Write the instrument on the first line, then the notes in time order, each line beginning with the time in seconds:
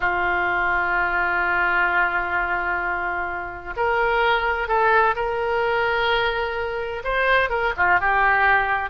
oboe
0.00 F4
3.76 A#4
4.68 A4
5.15 A#4
7.04 C5
7.49 A#4
7.76 F4
8.00 G4